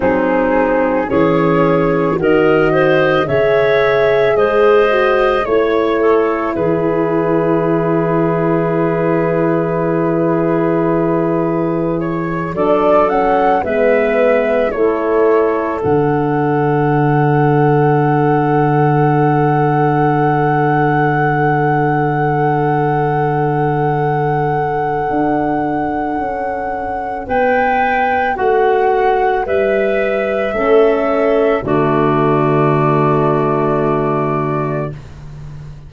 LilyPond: <<
  \new Staff \with { instrumentName = "flute" } { \time 4/4 \tempo 4 = 55 gis'4 cis''4 dis''4 e''4 | dis''4 cis''4 b'2~ | b'2. cis''8 d''8 | fis''8 e''4 cis''4 fis''4.~ |
fis''1~ | fis''1~ | fis''4 g''4 fis''4 e''4~ | e''4 d''2. | }
  \new Staff \with { instrumentName = "clarinet" } { \time 4/4 dis'4 gis'4 ais'8 c''8 cis''4 | c''4 cis''8 a'8 gis'2~ | gis'2.~ gis'8 a'8~ | a'8 b'4 a'2~ a'8~ |
a'1~ | a'1~ | a'4 b'4 fis'4 b'4 | a'4 fis'2. | }
  \new Staff \with { instrumentName = "horn" } { \time 4/4 c'4 cis'4 fis'4 gis'4~ | gis'8 fis'8 e'2.~ | e'2.~ e'8 d'8 | cis'8 b4 e'4 d'4.~ |
d'1~ | d'1~ | d'1 | cis'4 a2. | }
  \new Staff \with { instrumentName = "tuba" } { \time 4/4 fis4 e4 dis4 cis4 | gis4 a4 e2~ | e2.~ e8 fis8~ | fis8 gis4 a4 d4.~ |
d1~ | d2. d'4 | cis'4 b4 a4 g4 | a4 d2. | }
>>